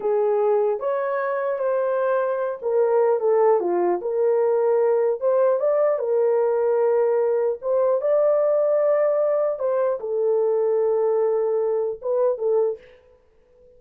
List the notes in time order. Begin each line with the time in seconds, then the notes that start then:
0.00 G#4
0.79 C#5
1.58 C5
2.61 A#4
3.19 A4
3.60 F4
4.01 A#4
5.20 C5
5.59 D5
5.98 A#4
7.61 C5
8.01 D5
9.59 C5
9.99 A4
12.01 B4
12.37 A4